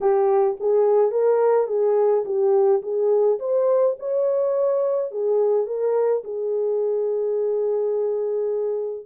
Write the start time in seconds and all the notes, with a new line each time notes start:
0.00 G4
0.60 G#4
1.11 A#4
1.67 G#4
2.25 G4
2.82 G#4
3.39 C5
3.99 C#5
5.11 G#4
5.66 A#4
6.23 G#4